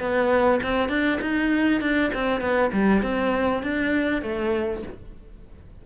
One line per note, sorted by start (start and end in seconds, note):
0.00 0.61 B3
0.63 0.90 C4
0.90 1.20 D4
1.21 1.81 D#4
1.81 2.12 D4
2.15 2.41 C4
2.41 2.71 B3
2.73 3.03 G3
3.03 3.63 C4
3.63 4.23 D4
4.23 4.83 A3